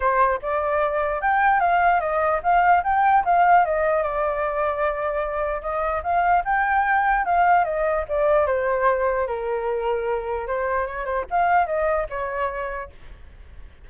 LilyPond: \new Staff \with { instrumentName = "flute" } { \time 4/4 \tempo 4 = 149 c''4 d''2 g''4 | f''4 dis''4 f''4 g''4 | f''4 dis''4 d''2~ | d''2 dis''4 f''4 |
g''2 f''4 dis''4 | d''4 c''2 ais'4~ | ais'2 c''4 cis''8 c''8 | f''4 dis''4 cis''2 | }